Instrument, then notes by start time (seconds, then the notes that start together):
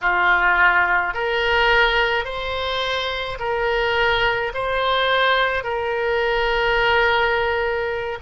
oboe
0.01 F4
1.13 A#4
2.24 C5
3.39 A#4
4.53 C5
5.63 A#4